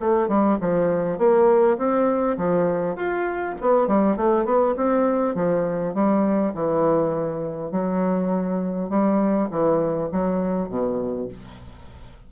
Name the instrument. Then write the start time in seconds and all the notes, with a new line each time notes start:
bassoon
0.00 A3
0.28 G3
0.61 F3
1.19 A#3
1.78 C4
2.38 F3
2.96 F4
3.61 B3
3.88 G3
4.17 A3
4.45 B3
4.77 C4
5.35 F3
5.94 G3
6.55 E3
7.72 F#3
8.90 G3
9.51 E3
10.12 F#3
10.69 B2